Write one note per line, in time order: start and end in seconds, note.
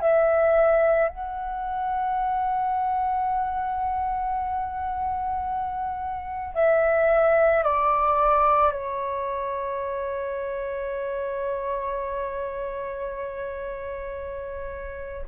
0.00 1.09 E5
1.09 6.54 F#5
6.54 7.63 E5
7.63 8.72 D5
8.72 15.26 C#5